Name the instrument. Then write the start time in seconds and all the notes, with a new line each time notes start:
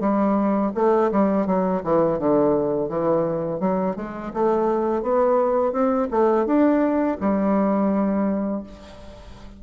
bassoon
0.00 G3
0.75 A3
1.11 G3
1.46 F#3
1.84 E3
2.19 D3
2.89 E3
3.60 F#3
3.96 G#3
4.34 A3
5.02 B3
5.72 C4
6.11 A3
6.46 D4
7.20 G3